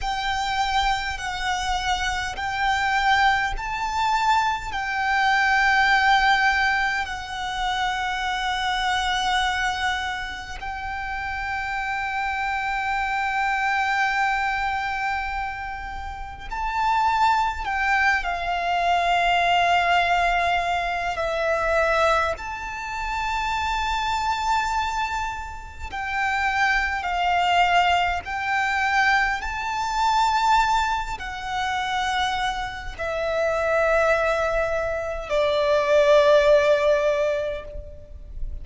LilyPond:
\new Staff \with { instrumentName = "violin" } { \time 4/4 \tempo 4 = 51 g''4 fis''4 g''4 a''4 | g''2 fis''2~ | fis''4 g''2.~ | g''2 a''4 g''8 f''8~ |
f''2 e''4 a''4~ | a''2 g''4 f''4 | g''4 a''4. fis''4. | e''2 d''2 | }